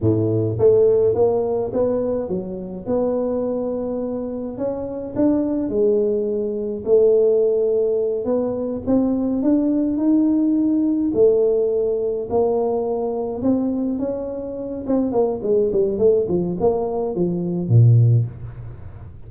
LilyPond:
\new Staff \with { instrumentName = "tuba" } { \time 4/4 \tempo 4 = 105 a,4 a4 ais4 b4 | fis4 b2. | cis'4 d'4 gis2 | a2~ a8 b4 c'8~ |
c'8 d'4 dis'2 a8~ | a4. ais2 c'8~ | c'8 cis'4. c'8 ais8 gis8 g8 | a8 f8 ais4 f4 ais,4 | }